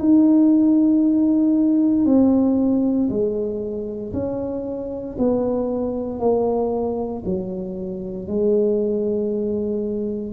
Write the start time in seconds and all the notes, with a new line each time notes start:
0.00 D#4
2.06 C4
3.10 G#3
4.13 C#4
5.19 B3
6.20 A#3
7.26 F#3
8.28 G#3